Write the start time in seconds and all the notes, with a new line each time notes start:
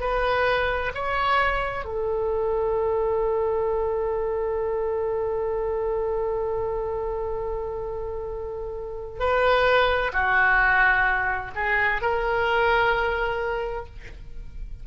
0.00 B4
0.95 C#5
1.85 A4
9.20 B4
10.13 F#4
11.56 G#4
12.02 A#4